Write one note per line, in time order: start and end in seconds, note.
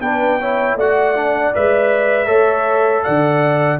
0.00 0.75 B3
0.00 0.41 D4
0.00 0.40 B4
0.00 0.77 G5
0.40 0.79 E4
0.40 0.78 C#5
0.75 1.51 A3
0.75 1.16 F#4
0.75 2.28 D5
0.75 1.55 F#5
1.16 1.54 D4
1.54 2.28 G#3
1.54 2.26 B4
1.54 3.04 E5
2.26 3.04 A3
2.26 3.78 A4
2.26 3.03 C#5
3.04 3.80 D3
3.04 3.80 D5
3.04 3.80 F#5